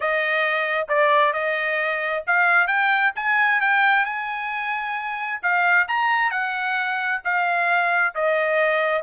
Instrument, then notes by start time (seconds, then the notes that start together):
trumpet
0.00 D#5
0.88 D5
1.33 D#5
2.26 F5
2.67 G5
3.15 G#5
3.60 G5
4.05 G#5
5.42 F5
5.88 A#5
6.31 F#5
7.24 F5
8.14 D#5